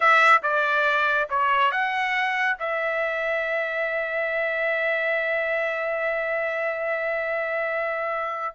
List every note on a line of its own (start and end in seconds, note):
0.00 0.41 E5
0.42 1.28 D5
1.29 1.71 C#5
1.71 2.57 F#5
2.59 8.55 E5